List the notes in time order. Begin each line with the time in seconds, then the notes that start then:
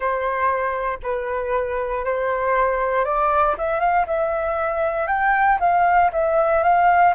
0.00 C5
1.03 B4
2.04 C5
3.04 D5
3.58 E5
3.80 F5
4.06 E5
5.07 G5
5.59 F5
6.12 E5
6.63 F5